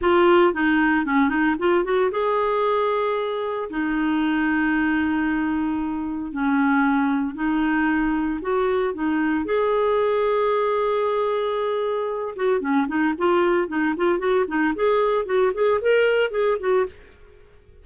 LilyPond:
\new Staff \with { instrumentName = "clarinet" } { \time 4/4 \tempo 4 = 114 f'4 dis'4 cis'8 dis'8 f'8 fis'8 | gis'2. dis'4~ | dis'1 | cis'2 dis'2 |
fis'4 dis'4 gis'2~ | gis'2.~ gis'8 fis'8 | cis'8 dis'8 f'4 dis'8 f'8 fis'8 dis'8 | gis'4 fis'8 gis'8 ais'4 gis'8 fis'8 | }